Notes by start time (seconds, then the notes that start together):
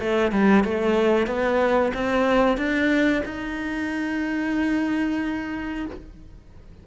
0.00 A3
0.32 G3
0.65 A3
1.27 B3
1.94 C4
2.58 D4
3.25 D#4